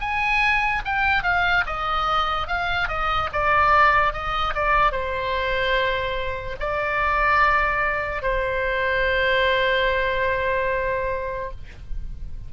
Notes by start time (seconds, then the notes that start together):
0.00 G#5
0.85 G5
1.23 F5
1.66 D#5
2.47 F5
2.88 D#5
3.33 D5
4.13 D#5
4.54 D5
4.92 C5
6.60 D5
8.22 C5